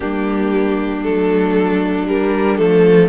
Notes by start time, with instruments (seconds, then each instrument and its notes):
0.00 cello G3, viola A#3, violin D4 G4
1.03 cello F#3, viola A3, violin A4
2.06 viola G3, cello G3, violin A#4
2.57 cello F3, viola A3, violin A4